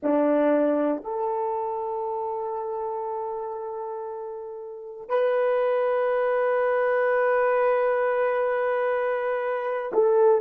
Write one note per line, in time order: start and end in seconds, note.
0.02 1.04 D4
1.04 5.08 A4
5.08 9.92 B4
9.93 10.41 A4